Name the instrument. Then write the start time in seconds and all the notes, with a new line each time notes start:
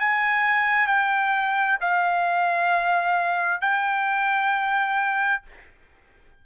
trumpet
0.00 G#5
0.87 G5
1.81 F5
3.61 G5